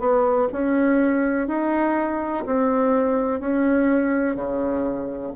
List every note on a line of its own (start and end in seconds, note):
0.00 0.48 B3
0.53 1.48 C#4
1.48 2.45 D#4
2.46 3.40 C4
3.40 4.36 C#4
4.36 5.33 C#3